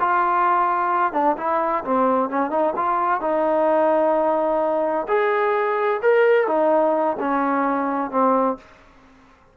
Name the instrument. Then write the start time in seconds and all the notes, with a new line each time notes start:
trombone
0.00 F4
1.13 D4
1.37 E4
1.84 C4
2.29 C#4
2.50 D#4
2.76 F4
3.21 D#4
5.08 G#4
6.02 A#4
6.47 D#4
7.20 C#4
8.11 C4